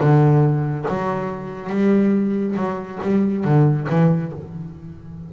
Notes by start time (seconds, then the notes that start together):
0.00 D3
0.89 F#3
1.70 G3
2.56 F#3
3.02 G3
3.45 D3
3.90 E3